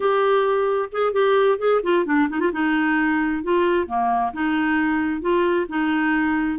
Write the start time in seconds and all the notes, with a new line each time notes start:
0.00 G4
0.92 G#4
1.12 G4
1.58 G#4
1.83 F4
2.05 D4
2.29 D#4
2.40 F4
2.52 D#4
3.43 F4
3.86 A#3
4.33 D#4
5.21 F4
5.68 D#4